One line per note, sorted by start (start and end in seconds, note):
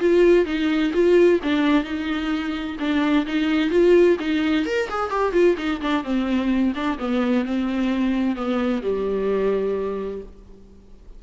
0.00 0.45 F4
0.45 0.92 D#4
0.94 1.40 F4
1.43 1.84 D4
1.84 2.77 D#4
2.79 3.26 D4
3.26 3.70 D#4
3.70 4.17 F4
4.19 4.66 D#4
4.66 4.89 A#4
4.89 5.11 G#4
5.11 5.33 G4
5.33 5.56 F4
5.58 5.81 D#4
5.81 6.04 D4
6.04 6.74 C4
6.75 6.98 D4
6.99 7.45 B3
7.45 8.36 C4
8.36 8.82 B3
8.83 10.22 G3